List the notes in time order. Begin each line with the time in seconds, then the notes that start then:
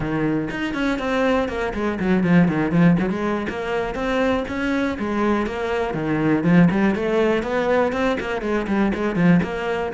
0.00 D#3
0.50 D#4
0.73 C#4
0.98 C4
1.48 A#3
1.74 G#3
1.99 F#3
2.23 F3
2.48 D#3
2.71 F3
2.99 F#3
3.09 G#3
3.49 A#3
3.94 C4
4.48 C#4
4.98 G#3
5.46 A#3
5.94 D#3
6.43 F3
6.71 G3
6.95 A3
7.42 B3
7.92 C4
8.20 A#3
8.41 G#3
8.67 G3
8.94 G#3
9.15 F3
9.42 A#3